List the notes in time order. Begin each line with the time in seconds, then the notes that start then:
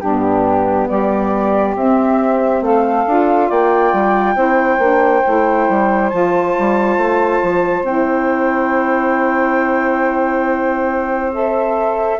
0.00 G2 B3 D4 G4
0.88 G3 G4 D5
1.75 C4 E5
2.61 A3 A4 F5
3.07 D4 F4
3.47 A#3 D5 G5
3.92 G3
4.35 C4 E4 C5
4.78 A#3 D4
5.24 A3 E4
5.69 G3
6.09 F3 F4 A5
6.59 G3
6.97 A3
7.42 F3
7.83 C4 E4 G5
11.32 A4 E5